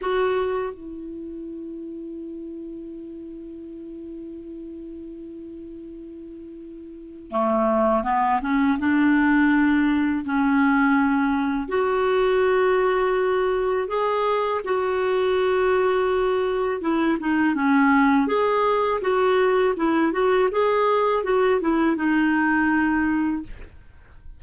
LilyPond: \new Staff \with { instrumentName = "clarinet" } { \time 4/4 \tempo 4 = 82 fis'4 e'2.~ | e'1~ | e'2 a4 b8 cis'8 | d'2 cis'2 |
fis'2. gis'4 | fis'2. e'8 dis'8 | cis'4 gis'4 fis'4 e'8 fis'8 | gis'4 fis'8 e'8 dis'2 | }